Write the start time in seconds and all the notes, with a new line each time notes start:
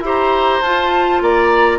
0.00 E4 G4 C5
0.08 A#5
0.61 F4 A5
1.21 A#3 D5 A#5